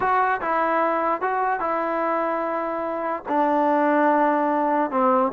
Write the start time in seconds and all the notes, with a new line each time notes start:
0.00 F#4
0.41 E4
1.21 F#4
1.59 E4
3.28 D4
4.90 C4